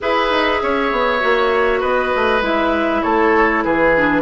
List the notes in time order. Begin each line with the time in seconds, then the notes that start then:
0.00 E4 G#4 B4 E5
0.30 D#4
0.62 C#4 C#5
0.91 B3
1.20 A#3 F#4
1.80 B3 B4 D#5
2.15 A3
2.41 G#3 E4 E5
3.02 A3 A4 C#5
3.63 E3 G#4 B4
3.96 D4